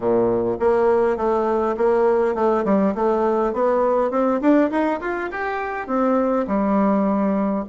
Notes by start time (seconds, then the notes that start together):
0.00 A#2
0.59 A#3
1.17 A3
1.77 A#3
2.34 A3
2.64 G3
2.94 A3
3.53 B3
4.10 C4
4.41 D4
4.70 D#4
5.00 F4
5.31 G4
5.87 C4
6.47 G3